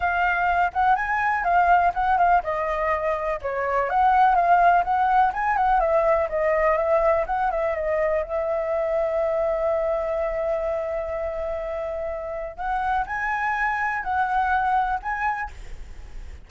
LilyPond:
\new Staff \with { instrumentName = "flute" } { \time 4/4 \tempo 4 = 124 f''4. fis''8 gis''4 f''4 | fis''8 f''8 dis''2 cis''4 | fis''4 f''4 fis''4 gis''8 fis''8 | e''4 dis''4 e''4 fis''8 e''8 |
dis''4 e''2.~ | e''1~ | e''2 fis''4 gis''4~ | gis''4 fis''2 gis''4 | }